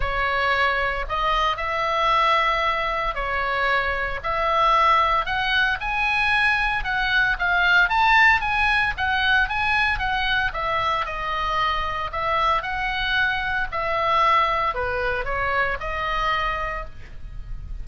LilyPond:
\new Staff \with { instrumentName = "oboe" } { \time 4/4 \tempo 4 = 114 cis''2 dis''4 e''4~ | e''2 cis''2 | e''2 fis''4 gis''4~ | gis''4 fis''4 f''4 a''4 |
gis''4 fis''4 gis''4 fis''4 | e''4 dis''2 e''4 | fis''2 e''2 | b'4 cis''4 dis''2 | }